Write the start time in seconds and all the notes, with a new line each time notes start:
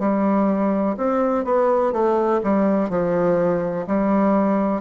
0.00 G3
0.97 C4
1.45 B3
1.93 A3
2.44 G3
2.90 F3
3.88 G3